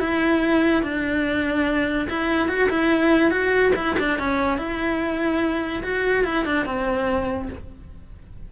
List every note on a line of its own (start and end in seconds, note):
0.00 0.83 E4
0.83 2.08 D4
2.10 2.49 E4
2.49 2.70 F#4
2.70 3.31 E4
3.31 3.73 F#4
3.76 3.97 E4
3.99 4.19 D4
4.19 4.58 C#4
4.58 5.83 E4
5.84 6.25 F#4
6.25 6.45 E4
6.46 6.66 D4
6.66 7.49 C4